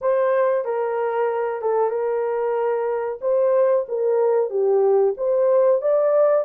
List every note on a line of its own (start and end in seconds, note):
0.01 0.65 C5
0.65 1.61 A#4
1.61 1.90 A4
1.90 3.19 A#4
3.21 3.85 C5
3.88 4.50 A#4
4.50 5.14 G4
5.17 5.81 C5
5.81 6.44 D5